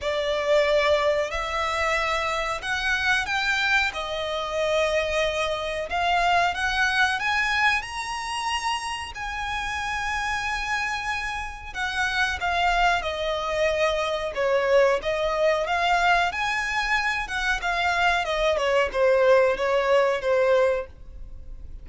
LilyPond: \new Staff \with { instrumentName = "violin" } { \time 4/4 \tempo 4 = 92 d''2 e''2 | fis''4 g''4 dis''2~ | dis''4 f''4 fis''4 gis''4 | ais''2 gis''2~ |
gis''2 fis''4 f''4 | dis''2 cis''4 dis''4 | f''4 gis''4. fis''8 f''4 | dis''8 cis''8 c''4 cis''4 c''4 | }